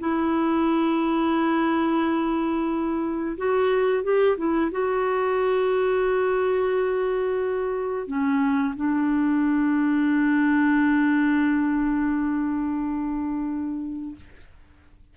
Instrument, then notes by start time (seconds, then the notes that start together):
clarinet
0.00 E4
3.37 F#4
4.04 G4
4.38 E4
4.71 F#4
8.07 C#4
8.76 D4